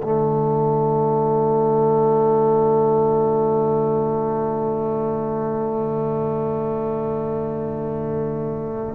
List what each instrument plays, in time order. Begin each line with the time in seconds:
0.00 tuba D3, trombone A3, horn F4, trumpet D5